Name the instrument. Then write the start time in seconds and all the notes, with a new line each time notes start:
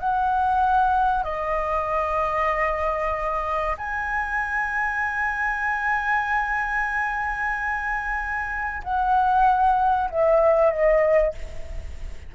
flute
0.00 F#5
1.24 D#5
3.78 G#5
8.84 F#5
10.11 E5
10.71 D#5